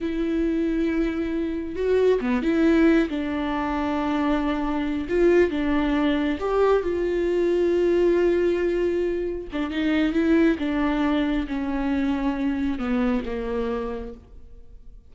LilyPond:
\new Staff \with { instrumentName = "viola" } { \time 4/4 \tempo 4 = 136 e'1 | fis'4 b8 e'4. d'4~ | d'2.~ d'8 f'8~ | f'8 d'2 g'4 f'8~ |
f'1~ | f'4. d'8 dis'4 e'4 | d'2 cis'2~ | cis'4 b4 ais2 | }